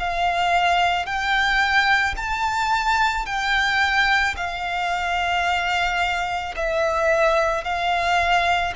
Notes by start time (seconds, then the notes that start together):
0.00 F5
1.06 G5
2.17 A5
3.26 G5
4.37 F5
6.57 E5
7.65 F5